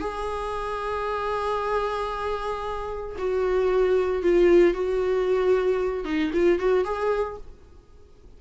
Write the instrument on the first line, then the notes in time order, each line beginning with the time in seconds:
viola
0.00 G#4
3.18 F#4
4.22 F4
4.74 F#4
6.04 D#4
6.33 F4
6.59 F#4
6.84 G#4